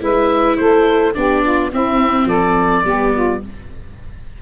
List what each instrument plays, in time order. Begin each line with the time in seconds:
0.00 tuba G#3, viola E4, saxophone B4, oboe E5
0.56 tuba A3, saxophone A4, oboe C5
1.14 tuba B3, viola D4, saxophone G4, oboe D5
1.43 saxophone F4
1.71 viola C4, tuba C4, saxophone E4, oboe E5
2.25 tuba F3, saxophone A4, oboe D5
2.84 tuba G3, viola B3, saxophone G4
3.13 saxophone F4